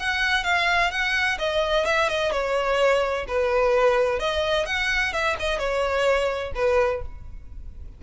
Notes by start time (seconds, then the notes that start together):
0.00 F#5
0.45 F5
0.91 F#5
1.39 D#5
1.86 E5
2.09 D#5
2.32 C#5
3.28 B4
4.20 D#5
4.66 F#5
5.13 E5
5.40 D#5
5.59 C#5
6.56 B4